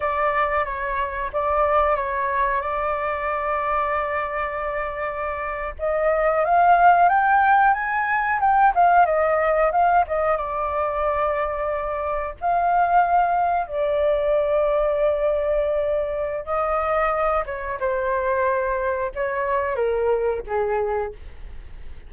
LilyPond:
\new Staff \with { instrumentName = "flute" } { \time 4/4 \tempo 4 = 91 d''4 cis''4 d''4 cis''4 | d''1~ | d''8. dis''4 f''4 g''4 gis''16~ | gis''8. g''8 f''8 dis''4 f''8 dis''8 d''16~ |
d''2~ d''8. f''4~ f''16~ | f''8. d''2.~ d''16~ | d''4 dis''4. cis''8 c''4~ | c''4 cis''4 ais'4 gis'4 | }